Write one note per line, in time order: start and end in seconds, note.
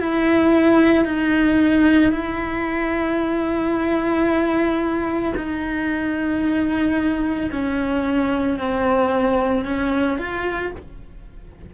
0.00 1.05 E4
1.05 2.12 D#4
2.12 5.34 E4
5.36 7.50 D#4
7.52 8.59 C#4
8.60 9.65 C4
9.65 10.18 C#4
10.18 10.72 F4